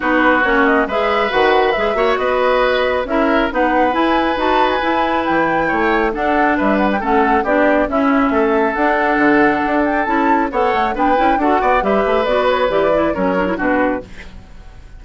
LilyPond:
<<
  \new Staff \with { instrumentName = "flute" } { \time 4/4 \tempo 4 = 137 b'4 cis''8 dis''8 e''4 fis''4 | e''4 dis''2 e''4 | fis''4 gis''4 a''8. gis''4~ gis''16 | g''2 fis''4 e''8 fis''16 g''16 |
fis''4 d''4 e''2 | fis''2~ fis''8 g''8 a''4 | fis''4 g''4 fis''4 e''4 | d''8 cis''8 d''4 cis''4 b'4 | }
  \new Staff \with { instrumentName = "oboe" } { \time 4/4 fis'2 b'2~ | b'8 cis''8 b'2 ais'4 | b'1~ | b'4 cis''4 a'4 b'4 |
a'4 g'4 e'4 a'4~ | a'1 | cis''4 b'4 a'8 d''8 b'4~ | b'2 ais'4 fis'4 | }
  \new Staff \with { instrumentName = "clarinet" } { \time 4/4 dis'4 cis'4 gis'4 fis'4 | gis'8 fis'2~ fis'8 e'4 | dis'4 e'4 fis'4 e'4~ | e'2 d'2 |
cis'4 d'4 cis'2 | d'2. e'4 | a'4 d'8 e'8 fis'4 g'4 | fis'4 g'8 e'8 cis'8 d'16 e'16 d'4 | }
  \new Staff \with { instrumentName = "bassoon" } { \time 4/4 b4 ais4 gis4 dis4 | gis8 ais8 b2 cis'4 | b4 e'4 dis'4 e'4 | e4 a4 d'4 g4 |
a4 b4 cis'4 a4 | d'4 d4 d'4 cis'4 | b8 a8 b8 cis'8 d'8 b8 g8 a8 | b4 e4 fis4 b,4 | }
>>